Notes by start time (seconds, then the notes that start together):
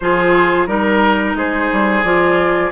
0.00 F3 F4 G#4 C5
0.66 G3 D#4 A#4
1.35 G#3 G#4 C5
1.72 G3
2.03 F3 F4 D5